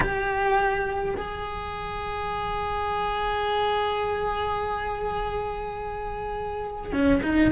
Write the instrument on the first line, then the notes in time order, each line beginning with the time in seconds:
cello
0.00 G4
1.16 G#4
6.92 C#4
7.23 D#4